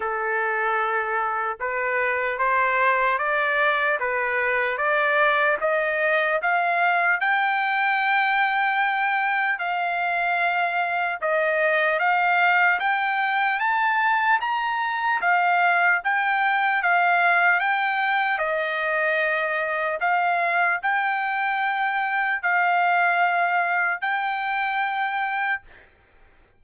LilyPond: \new Staff \with { instrumentName = "trumpet" } { \time 4/4 \tempo 4 = 75 a'2 b'4 c''4 | d''4 b'4 d''4 dis''4 | f''4 g''2. | f''2 dis''4 f''4 |
g''4 a''4 ais''4 f''4 | g''4 f''4 g''4 dis''4~ | dis''4 f''4 g''2 | f''2 g''2 | }